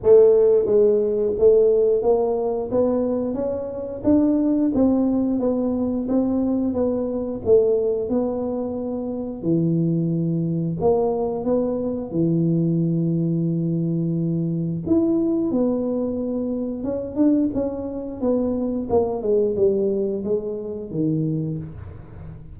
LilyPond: \new Staff \with { instrumentName = "tuba" } { \time 4/4 \tempo 4 = 89 a4 gis4 a4 ais4 | b4 cis'4 d'4 c'4 | b4 c'4 b4 a4 | b2 e2 |
ais4 b4 e2~ | e2 e'4 b4~ | b4 cis'8 d'8 cis'4 b4 | ais8 gis8 g4 gis4 dis4 | }